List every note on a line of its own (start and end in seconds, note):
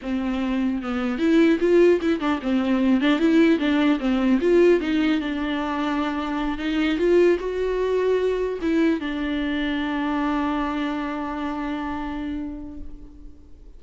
0.02 0.82 C4
0.82 1.18 B3
1.18 1.58 E4
1.60 2.00 F4
2.01 2.19 E4
2.19 2.39 D4
2.41 3.00 C4
3.00 3.19 D4
3.19 3.58 E4
3.58 3.98 D4
3.99 4.39 C4
4.40 4.80 F4
4.80 5.20 D#4
5.20 6.57 D4
6.57 6.97 D#4
6.98 7.38 F4
7.39 8.59 F#4
8.61 8.99 E4
8.99 12.79 D4